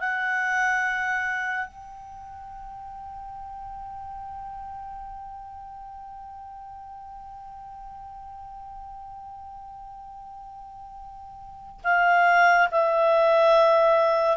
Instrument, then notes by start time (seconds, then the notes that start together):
clarinet
0.00 F#5
1.67 G5
11.84 F5
12.72 E5